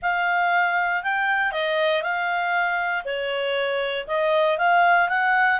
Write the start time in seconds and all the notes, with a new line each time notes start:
0.01 F5
1.03 G5
1.51 D#5
2.02 F5
3.04 C#5
4.07 D#5
4.58 F5
5.08 F#5